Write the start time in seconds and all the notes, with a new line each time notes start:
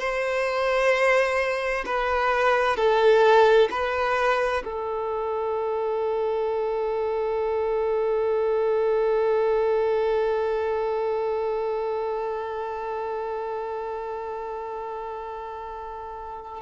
0.00 C5
1.86 B4
2.77 A4
3.71 B4
4.64 A4